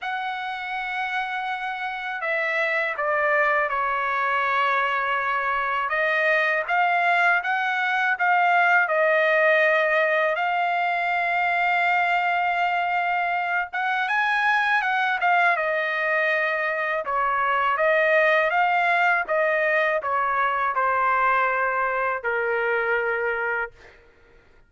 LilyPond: \new Staff \with { instrumentName = "trumpet" } { \time 4/4 \tempo 4 = 81 fis''2. e''4 | d''4 cis''2. | dis''4 f''4 fis''4 f''4 | dis''2 f''2~ |
f''2~ f''8 fis''8 gis''4 | fis''8 f''8 dis''2 cis''4 | dis''4 f''4 dis''4 cis''4 | c''2 ais'2 | }